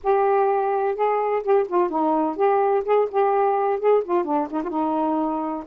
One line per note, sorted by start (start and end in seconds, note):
0.03 0.95 G4
0.95 1.42 G#4
1.43 1.66 G4
1.68 1.89 F4
1.89 2.36 D#4
2.36 2.83 G4
2.85 3.08 G#4
3.11 3.79 G4
3.79 4.03 G#4
4.04 4.24 F4
4.24 4.48 D4
4.51 4.62 D#4
4.63 4.69 F4
4.69 5.64 D#4